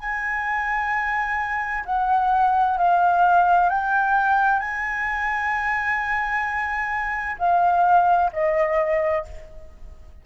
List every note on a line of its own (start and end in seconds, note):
0.00 1.85 G#5
1.86 2.78 F#5
2.78 3.70 F5
3.70 4.59 G5
4.59 7.36 G#5
7.39 8.31 F5
8.33 9.25 D#5